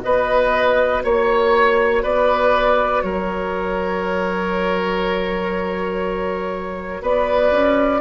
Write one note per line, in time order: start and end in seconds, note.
0.00 1.04 B3
0.00 8.00 F#4
0.00 1.04 B4
0.00 1.02 D#5
1.04 2.04 A#3
1.04 2.03 C#5
1.04 2.04 C#5
2.03 3.02 B3
2.03 3.03 B4
2.03 3.03 D5
3.02 7.02 F#3
3.02 7.02 A#4
3.02 7.03 C#5
7.02 7.51 B3
7.02 8.01 B4
7.02 8.01 D5
7.51 8.01 C#4